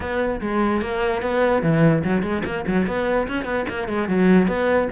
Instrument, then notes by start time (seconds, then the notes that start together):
cello
0.00 B3
0.40 G#3
0.81 A#3
1.22 B3
1.62 E3
2.04 F#3
2.22 G#3
2.44 A#3
2.66 F#3
2.86 B3
3.28 C#4
3.44 B3
3.68 A#3
3.88 G#3
4.08 F#3
4.47 B3